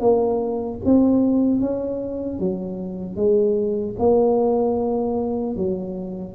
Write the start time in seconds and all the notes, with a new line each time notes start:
0.00 A#3
0.85 C4
1.60 C#4
2.39 F#3
3.16 G#3
3.99 A#3
5.56 F#3